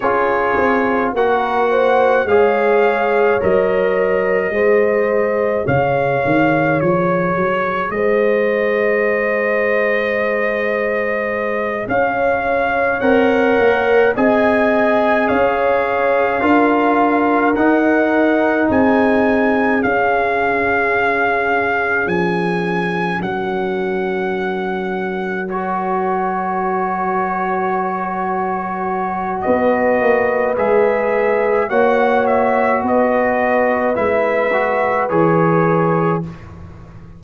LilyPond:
<<
  \new Staff \with { instrumentName = "trumpet" } { \time 4/4 \tempo 4 = 53 cis''4 fis''4 f''4 dis''4~ | dis''4 f''4 cis''4 dis''4~ | dis''2~ dis''8 f''4 fis''8~ | fis''8 gis''4 f''2 fis''8~ |
fis''8 gis''4 f''2 gis''8~ | gis''8 fis''2 cis''4.~ | cis''2 dis''4 e''4 | fis''8 e''8 dis''4 e''4 cis''4 | }
  \new Staff \with { instrumentName = "horn" } { \time 4/4 gis'4 ais'8 c''8 cis''2 | c''4 cis''2 c''4~ | c''2~ c''8 cis''4.~ | cis''8 dis''4 cis''4 ais'4.~ |
ais'8 gis'2.~ gis'8~ | gis'8 ais'2.~ ais'8~ | ais'2 b'2 | cis''4 b'2. | }
  \new Staff \with { instrumentName = "trombone" } { \time 4/4 f'4 fis'4 gis'4 ais'4 | gis'1~ | gis'2.~ gis'8 ais'8~ | ais'8 gis'2 f'4 dis'8~ |
dis'4. cis'2~ cis'8~ | cis'2~ cis'8 fis'4.~ | fis'2. gis'4 | fis'2 e'8 fis'8 gis'4 | }
  \new Staff \with { instrumentName = "tuba" } { \time 4/4 cis'8 c'8 ais4 gis4 fis4 | gis4 cis8 dis8 f8 fis8 gis4~ | gis2~ gis8 cis'4 c'8 | ais8 c'4 cis'4 d'4 dis'8~ |
dis'8 c'4 cis'2 f8~ | f8 fis2.~ fis8~ | fis2 b8 ais8 gis4 | ais4 b4 gis4 e4 | }
>>